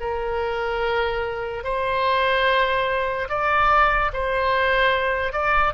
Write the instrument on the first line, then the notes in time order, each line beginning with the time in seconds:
oboe
0.00 A#4
1.64 C5
3.29 D5
4.13 C5
5.33 D5